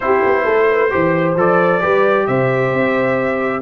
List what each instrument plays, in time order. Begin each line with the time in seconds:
0.00 tuba C4, trombone E4, horn G4, trumpet C5
0.24 tuba B3
0.44 tuba A3, horn A4
0.70 horn B4
0.90 tuba E3, trombone G4, horn C5
1.36 tuba F3, trombone A4, trumpet D5
1.81 tuba G3, trombone G4, horn B4
2.26 tuba C3, horn C5, trumpet E5
2.72 tuba C4